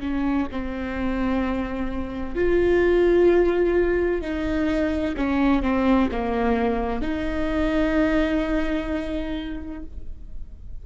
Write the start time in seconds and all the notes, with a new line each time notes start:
0.00 C#4
0.51 C4
2.35 F4
4.21 D#4
5.16 C#4
5.62 C4
6.12 A#3
7.01 D#4